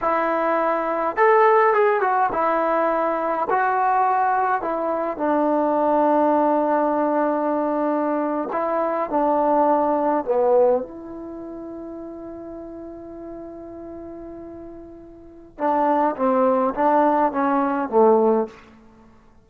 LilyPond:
\new Staff \with { instrumentName = "trombone" } { \time 4/4 \tempo 4 = 104 e'2 a'4 gis'8 fis'8 | e'2 fis'2 | e'4 d'2.~ | d'2~ d'8. e'4 d'16~ |
d'4.~ d'16 b4 e'4~ e'16~ | e'1~ | e'2. d'4 | c'4 d'4 cis'4 a4 | }